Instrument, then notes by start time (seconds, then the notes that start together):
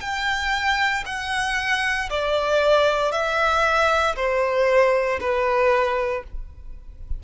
violin
0.00 G5
1.06 F#5
2.10 D5
3.12 E5
4.16 C5
5.20 B4